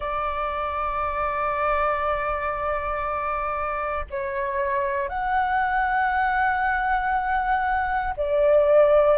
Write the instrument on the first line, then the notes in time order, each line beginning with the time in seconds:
flute
0.00 D5
4.10 C#5
5.08 F#5
8.16 D5